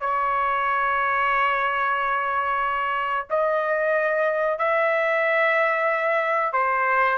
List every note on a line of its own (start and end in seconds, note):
0.00 3.26 C#5
3.30 4.58 D#5
4.58 6.52 E5
6.52 7.18 C5